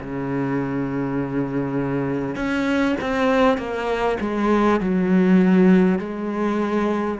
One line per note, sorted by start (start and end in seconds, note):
0.00 2.36 C#3
2.36 2.96 C#4
3.01 3.57 C4
3.57 4.17 A#3
4.21 4.81 G#3
4.81 5.99 F#3
5.99 7.19 G#3